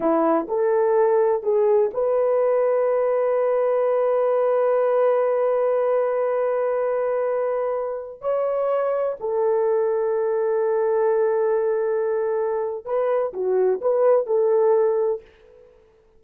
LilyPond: \new Staff \with { instrumentName = "horn" } { \time 4/4 \tempo 4 = 126 e'4 a'2 gis'4 | b'1~ | b'1~ | b'1~ |
b'4~ b'16 cis''2 a'8.~ | a'1~ | a'2. b'4 | fis'4 b'4 a'2 | }